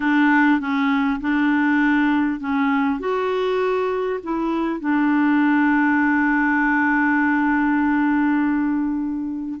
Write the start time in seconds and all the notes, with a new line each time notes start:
0.00 D4
0.60 C#4
1.20 D4
2.40 C#4
2.99 F#4
4.23 E4
4.79 D4